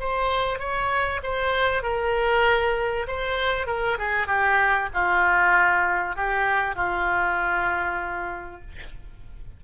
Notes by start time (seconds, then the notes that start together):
0.00 C5
0.59 C#5
1.23 C5
1.83 A#4
3.08 C5
3.67 A#4
3.98 G#4
4.27 G4
4.94 F4
6.16 G4
6.76 F4